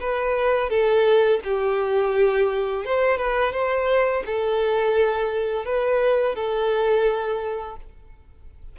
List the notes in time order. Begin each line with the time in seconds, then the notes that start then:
0.00 B4
0.69 A4
1.44 G4
2.85 C5
3.18 B4
3.52 C5
4.26 A4
5.65 B4
6.35 A4